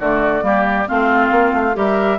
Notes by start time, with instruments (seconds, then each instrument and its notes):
0.00 bassoon D3, clarinet A3, oboe F#4, flute D5
0.42 bassoon G3, clarinet A#3, oboe G4
0.88 bassoon A3, clarinet C4, oboe F4, flute F5
1.31 bassoon A#3
1.54 bassoon A3
1.74 bassoon G3, clarinet G4, oboe A#4, flute E5